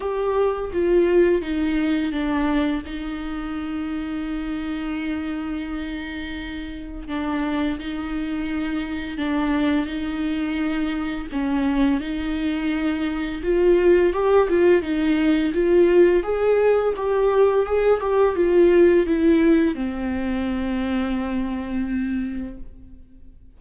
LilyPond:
\new Staff \with { instrumentName = "viola" } { \time 4/4 \tempo 4 = 85 g'4 f'4 dis'4 d'4 | dis'1~ | dis'2 d'4 dis'4~ | dis'4 d'4 dis'2 |
cis'4 dis'2 f'4 | g'8 f'8 dis'4 f'4 gis'4 | g'4 gis'8 g'8 f'4 e'4 | c'1 | }